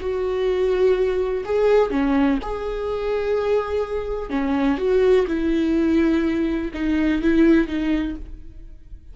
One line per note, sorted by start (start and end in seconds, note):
0.00 1.44 F#4
1.45 1.90 G#4
1.90 2.38 C#4
2.42 4.30 G#4
4.30 4.78 C#4
4.78 5.26 F#4
5.27 6.71 E4
6.74 7.22 D#4
7.22 7.67 E4
7.67 8.15 D#4